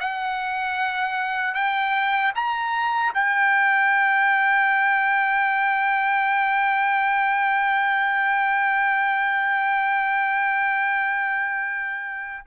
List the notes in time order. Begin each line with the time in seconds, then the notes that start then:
0.00 F#5
1.54 G5
2.35 A#5
3.14 G5